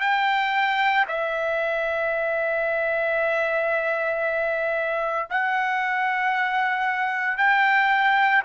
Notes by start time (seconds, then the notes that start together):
0.00 G5
1.08 E5
5.30 F#5
7.37 G5